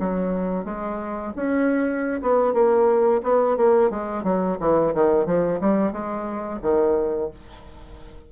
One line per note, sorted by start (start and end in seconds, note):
0.00 0.65 F#3
0.65 1.33 G#3
1.36 2.21 C#4
2.22 2.54 B3
2.54 3.22 A#3
3.23 3.57 B3
3.57 3.90 A#3
3.90 4.24 G#3
4.24 4.58 F#3
4.60 4.94 E3
4.94 5.26 D#3
5.26 5.60 F3
5.61 5.92 G3
5.92 6.60 G#3
6.62 7.30 D#3